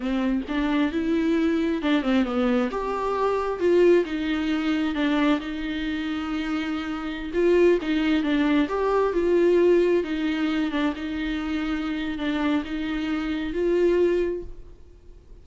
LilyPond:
\new Staff \with { instrumentName = "viola" } { \time 4/4 \tempo 4 = 133 c'4 d'4 e'2 | d'8 c'8 b4 g'2 | f'4 dis'2 d'4 | dis'1~ |
dis'16 f'4 dis'4 d'4 g'8.~ | g'16 f'2 dis'4. d'16~ | d'16 dis'2~ dis'8. d'4 | dis'2 f'2 | }